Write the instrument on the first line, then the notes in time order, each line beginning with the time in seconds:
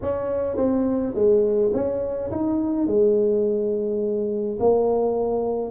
tuba
0.01 C#4
0.56 C4
1.14 G#3
1.73 C#4
2.31 D#4
2.86 G#3
4.59 A#3